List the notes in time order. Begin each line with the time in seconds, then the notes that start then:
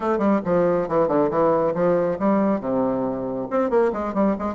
0.00 A3
0.18 G3
0.44 F3
0.88 E3
1.08 D3
1.30 E3
1.74 F3
2.19 G3
2.60 C3
3.50 C4
3.70 A#3
3.92 G#3
4.14 G3
4.38 G#3